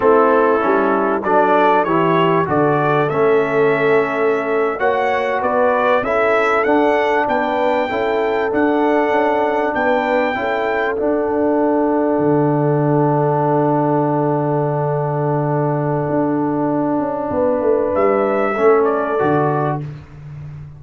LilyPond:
<<
  \new Staff \with { instrumentName = "trumpet" } { \time 4/4 \tempo 4 = 97 a'2 d''4 cis''4 | d''4 e''2~ e''8. fis''16~ | fis''8. d''4 e''4 fis''4 g''16~ | g''4.~ g''16 fis''2 g''16~ |
g''4.~ g''16 fis''2~ fis''16~ | fis''1~ | fis''1~ | fis''4 e''4. d''4. | }
  \new Staff \with { instrumentName = "horn" } { \time 4/4 e'2 a'4 g'4 | a'2.~ a'8. cis''16~ | cis''8. b'4 a'2 b'16~ | b'8. a'2. b'16~ |
b'8. a'2.~ a'16~ | a'1~ | a'1 | b'2 a'2 | }
  \new Staff \with { instrumentName = "trombone" } { \time 4/4 c'4 cis'4 d'4 e'4 | fis'4 cis'2~ cis'8. fis'16~ | fis'4.~ fis'16 e'4 d'4~ d'16~ | d'8. e'4 d'2~ d'16~ |
d'8. e'4 d'2~ d'16~ | d'1~ | d'1~ | d'2 cis'4 fis'4 | }
  \new Staff \with { instrumentName = "tuba" } { \time 4/4 a4 g4 fis4 e4 | d4 a2~ a8. ais16~ | ais8. b4 cis'4 d'4 b16~ | b8. cis'4 d'4 cis'4 b16~ |
b8. cis'4 d'2 d16~ | d1~ | d2 d'4. cis'8 | b8 a8 g4 a4 d4 | }
>>